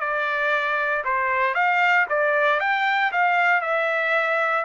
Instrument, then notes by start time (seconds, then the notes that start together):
trumpet
0.00 D5
1.04 C5
1.54 F5
2.09 D5
2.60 G5
3.12 F5
3.61 E5